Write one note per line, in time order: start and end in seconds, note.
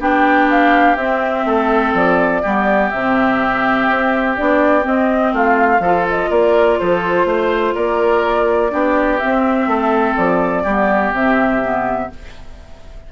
0.00 0.96 B3
0.00 0.97 D4
0.00 1.45 G4
0.00 0.49 G5
0.50 0.96 F5
0.96 1.45 C4
0.96 2.44 C4
0.96 1.93 E5
1.45 1.93 A3
1.45 2.42 A4
1.94 2.42 F3
1.94 2.90 D5
2.42 2.93 G3
2.42 2.92 B3
2.42 5.32 G4
2.90 3.89 C3
2.90 4.37 C4
2.90 4.35 E5
3.89 4.38 C4
4.37 4.85 B3
4.37 4.82 D4
4.37 4.85 D5
4.82 5.79 C4
4.82 5.33 C4
4.82 5.34 D#5
5.33 5.79 A3
5.33 5.82 F4
5.33 6.08 F5
5.79 6.28 F3
5.79 8.70 F4
5.79 6.30 A4
6.09 6.31 D#5
6.30 6.79 A#3
6.30 6.78 A#4
6.30 6.79 D5
6.79 7.25 F3
6.79 7.27 A4
6.79 7.75 C5
7.25 7.74 A3
7.25 7.74 C5
7.74 8.73 A#3
7.74 8.71 A#4
7.74 9.19 D5
8.70 9.21 B3
8.70 9.19 D4
8.70 9.69 G4
9.19 10.67 C4
9.19 9.67 C4
9.19 10.15 E5
9.67 10.15 A3
9.67 10.63 A4
10.17 10.65 F3
10.17 11.13 D5
10.63 11.12 G3
10.63 11.15 B3
10.63 12.09 G4
11.12 12.09 C3
11.12 11.62 C4
11.12 12.12 E5
11.62 12.10 B3